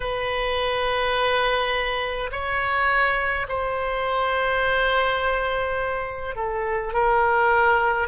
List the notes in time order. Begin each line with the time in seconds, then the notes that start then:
0.00 B4
2.31 C#5
3.48 C5
6.35 A4
6.93 A#4